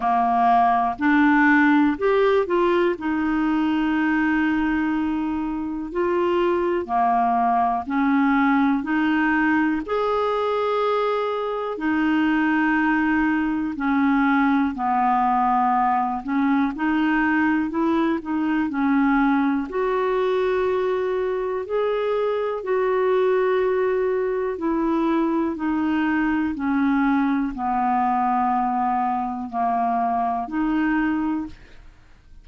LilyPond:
\new Staff \with { instrumentName = "clarinet" } { \time 4/4 \tempo 4 = 61 ais4 d'4 g'8 f'8 dis'4~ | dis'2 f'4 ais4 | cis'4 dis'4 gis'2 | dis'2 cis'4 b4~ |
b8 cis'8 dis'4 e'8 dis'8 cis'4 | fis'2 gis'4 fis'4~ | fis'4 e'4 dis'4 cis'4 | b2 ais4 dis'4 | }